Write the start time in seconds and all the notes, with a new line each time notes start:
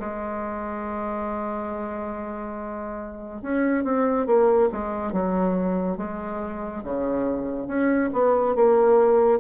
0.00 G#3
3.42 C#4
3.85 C4
4.27 A#3
4.73 G#3
5.13 F#3
5.98 G#3
6.84 C#3
7.68 C#4
8.13 B3
8.56 A#3